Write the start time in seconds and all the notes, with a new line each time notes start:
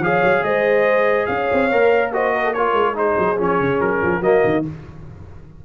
0.00 F3 G#4 C#5 F5
0.24 F#3
0.44 G#3 C5 D#5
1.27 C#4 C#5 F5
1.53 C4
1.72 A#3 A#4
2.13 F#4 C5 D#5
2.35 A#4
2.45 A4
2.54 F4 A#4 C#5
2.74 G#3
2.95 D#4 G#4 C5
3.19 F#3
3.38 F3 C#4 C#5
3.60 C#3
3.81 F#3 A#4
4.03 F3
4.21 F#3 A#3 F#4 D#5
4.45 D#3